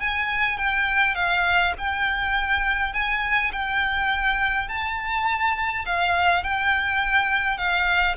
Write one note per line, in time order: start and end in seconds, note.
0.00 0.58 G#5
0.58 1.15 G5
1.15 1.73 F5
1.78 2.93 G5
2.93 3.51 G#5
3.52 4.69 G5
4.69 5.85 A5
5.86 6.44 F5
6.44 7.58 G5
7.58 8.16 F5